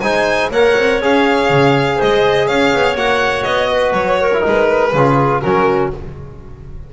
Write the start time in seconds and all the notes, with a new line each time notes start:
0.00 G#3 D#4 C5 G#5
0.51 A#3 A#4 C#5 F#5
0.76 C4
1.01 C#4 G#4 F5
1.50 C#3
1.96 C5 D#5
2.02 G#3
2.47 C#4 C#5 F5
2.73 B3
2.95 A#3 F#4 F#5
3.43 B3 D#5
3.71 B4
3.93 F#3 C#5
4.21 A#4
4.33 E4
4.41 G#3 D#4 B4
4.93 C#3 F4 G#4
5.41 F#3 C#4 F#4 A#4